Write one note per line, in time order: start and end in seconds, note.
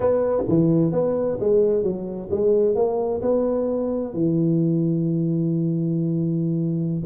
0.00 0.43 B3
0.48 0.92 E3
0.92 1.38 B3
1.40 1.83 G#3
1.83 2.29 F#3
2.30 2.75 G#3
2.75 3.21 A#3
3.21 4.13 B3
4.13 7.02 E3